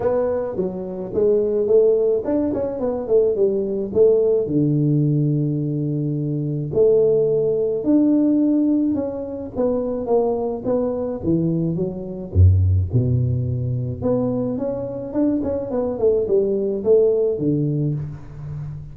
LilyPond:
\new Staff \with { instrumentName = "tuba" } { \time 4/4 \tempo 4 = 107 b4 fis4 gis4 a4 | d'8 cis'8 b8 a8 g4 a4 | d1 | a2 d'2 |
cis'4 b4 ais4 b4 | e4 fis4 fis,4 b,4~ | b,4 b4 cis'4 d'8 cis'8 | b8 a8 g4 a4 d4 | }